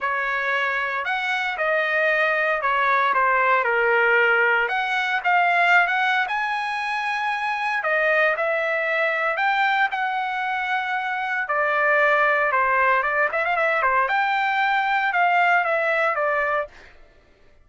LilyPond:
\new Staff \with { instrumentName = "trumpet" } { \time 4/4 \tempo 4 = 115 cis''2 fis''4 dis''4~ | dis''4 cis''4 c''4 ais'4~ | ais'4 fis''4 f''4~ f''16 fis''8. | gis''2. dis''4 |
e''2 g''4 fis''4~ | fis''2 d''2 | c''4 d''8 e''16 f''16 e''8 c''8 g''4~ | g''4 f''4 e''4 d''4 | }